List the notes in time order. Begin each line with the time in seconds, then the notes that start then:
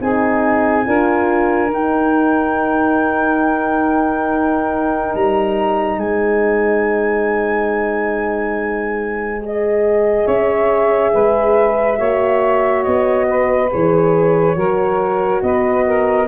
0.00 C4 D#4 G#4 G#5
0.84 D4 F4 A#4
1.72 D#4 G5
5.14 G3 A#5
5.97 G#3 C5 G#5
9.40 G#4 D#5
10.25 C#4 C#5 E5
11.13 G#3 B4
11.98 A#3 F#4 C#5
12.83 B3 D#5
13.29 B4
13.71 E3 G#4 C#5
14.56 F#3 F#4 A#4
15.42 B3 B4 D#5
15.86 A#4